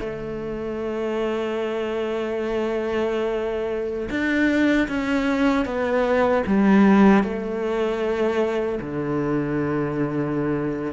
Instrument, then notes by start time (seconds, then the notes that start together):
cello
0.00 A3
4.10 D4
4.88 C#4
5.65 B3
6.46 G3
7.23 A3
8.81 D3